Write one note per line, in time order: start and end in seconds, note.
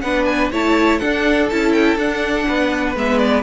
0.00 0.51 B3
0.00 0.53 D4
0.00 0.52 B4
0.00 0.24 F#5
0.25 0.50 G#5
0.52 1.01 A3
0.52 1.01 E4
0.52 0.99 C#5
0.52 0.98 A5
0.98 1.49 D4
0.98 1.51 D4
0.98 2.46 A4
0.98 1.47 F#5
1.49 1.96 C#4
1.49 1.99 E4
1.49 1.72 A5
1.72 1.97 G5
1.96 2.45 D4
1.96 2.96 D4
1.96 2.96 F#5
2.47 2.95 B3
2.47 3.42 B4
2.95 3.42 G#3
2.95 3.42 B3
2.95 3.18 E5
3.18 3.42 D5